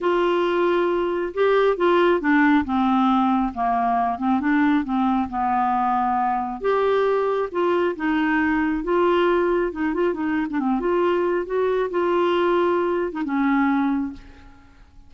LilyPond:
\new Staff \with { instrumentName = "clarinet" } { \time 4/4 \tempo 4 = 136 f'2. g'4 | f'4 d'4 c'2 | ais4. c'8 d'4 c'4 | b2. g'4~ |
g'4 f'4 dis'2 | f'2 dis'8 f'8 dis'8. d'16 | c'8 f'4. fis'4 f'4~ | f'4.~ f'16 dis'16 cis'2 | }